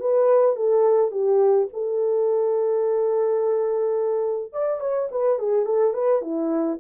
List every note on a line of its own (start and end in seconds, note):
0.00 0.56 B4
0.56 1.12 A4
1.12 1.68 G4
1.73 4.53 A4
4.53 4.81 D5
4.81 5.09 C#5
5.11 5.39 B4
5.39 5.66 G#4
5.66 5.94 A4
5.94 6.22 B4
6.22 6.78 E4